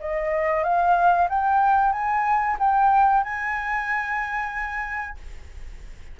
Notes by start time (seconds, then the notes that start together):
0.00 D#5
0.64 F5
1.29 G5
1.92 G#5
2.60 G5
3.24 G#5